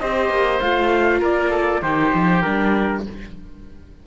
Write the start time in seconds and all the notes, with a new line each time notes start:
0.00 C4 G4 C5 D#5
0.30 A#3
0.61 A3 F4 F5
1.20 A#3 A#4 D5
1.50 A4
1.82 D#3 D#4 G4 C5
2.14 F3
2.42 G3 D4 A#4